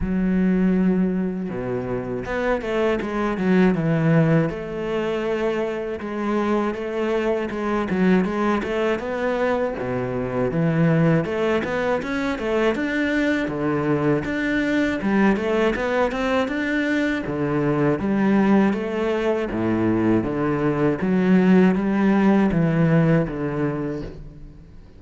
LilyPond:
\new Staff \with { instrumentName = "cello" } { \time 4/4 \tempo 4 = 80 fis2 b,4 b8 a8 | gis8 fis8 e4 a2 | gis4 a4 gis8 fis8 gis8 a8 | b4 b,4 e4 a8 b8 |
cis'8 a8 d'4 d4 d'4 | g8 a8 b8 c'8 d'4 d4 | g4 a4 a,4 d4 | fis4 g4 e4 d4 | }